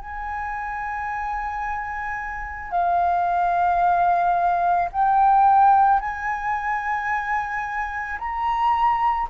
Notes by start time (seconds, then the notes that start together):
0.00 G#5
2.71 F5
4.92 G5
6.00 G#5
8.19 A#5